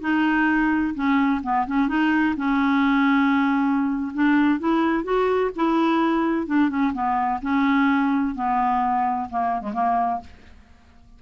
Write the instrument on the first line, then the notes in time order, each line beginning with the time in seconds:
clarinet
0.00 D#4
0.94 C#4
1.43 B3
1.66 C#4
1.88 D#4
2.36 C#4
4.14 D4
4.59 E4
5.03 F#4
5.55 E4
6.46 D4
6.69 C#4
6.93 B3
7.41 C#4
8.35 B3
9.29 A#3
9.61 G#3
9.73 A#3